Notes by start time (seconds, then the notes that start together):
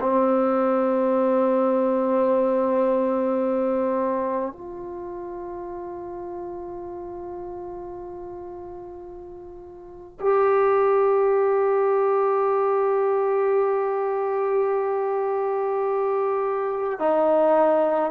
0.00 C4
4.52 F4
10.20 G4
16.99 D#4